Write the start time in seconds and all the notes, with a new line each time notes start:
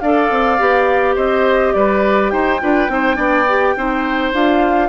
0.00 D4 A4 D5 F5
0.31 C4
0.59 B3 G4
1.16 C4 C5 D#5
1.74 G3 B4 D5
2.31 D#4 C5 G5
2.60 D4 F4 B4
2.89 C4 D#4 C5
3.16 B3 D4 D5
3.49 G4
3.77 C4 D#4 C5
4.34 D4 F4 F5